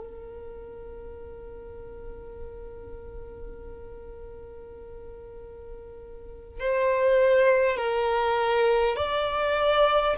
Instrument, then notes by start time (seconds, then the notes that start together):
violin
0.00 A#4
6.60 C5
7.77 A#4
8.96 D5